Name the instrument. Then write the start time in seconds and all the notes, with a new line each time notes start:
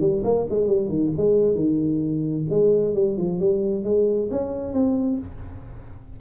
tuba
0.00 G3
0.24 A#3
0.49 G#3
0.67 G3
0.89 D#3
1.16 G#3
1.54 D#3
2.49 G#3
2.94 G3
3.17 F3
3.39 G3
3.84 G#3
4.31 C#4
4.73 C4